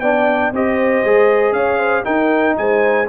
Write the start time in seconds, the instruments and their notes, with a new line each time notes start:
0.00 tuba B3, trombone D4, horn D5, trumpet G5
0.52 tuba C4, trombone G4, horn C5, trumpet D#5
1.04 tuba G#3, trombone G#4
1.52 tuba C#4, horn C#5, trumpet F5
1.78 horn C5
2.04 trombone D#4, tuba D#4, horn A#4, trumpet G5
2.57 tuba G#3, horn C5, trumpet G#5